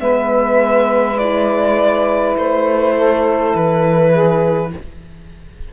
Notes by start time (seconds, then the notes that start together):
0.00 G#3 B3 B4 E5
1.18 E4 D5
2.37 A3 C5
2.97 A4
3.55 E3 B4
4.12 G#4